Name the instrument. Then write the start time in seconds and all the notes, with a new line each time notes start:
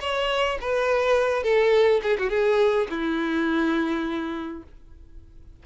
violin
0.00 C#5
0.61 B4
1.43 A4
2.03 G#4
2.18 F#4
2.29 G#4
2.90 E4